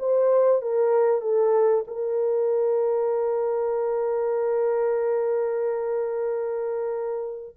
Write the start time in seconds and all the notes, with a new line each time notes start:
0.00 C5
0.62 A#4
1.22 A4
1.88 A#4